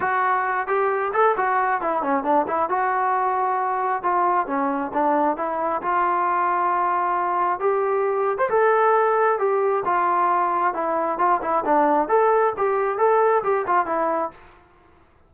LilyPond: \new Staff \with { instrumentName = "trombone" } { \time 4/4 \tempo 4 = 134 fis'4. g'4 a'8 fis'4 | e'8 cis'8 d'8 e'8 fis'2~ | fis'4 f'4 cis'4 d'4 | e'4 f'2.~ |
f'4 g'4.~ g'16 c''16 a'4~ | a'4 g'4 f'2 | e'4 f'8 e'8 d'4 a'4 | g'4 a'4 g'8 f'8 e'4 | }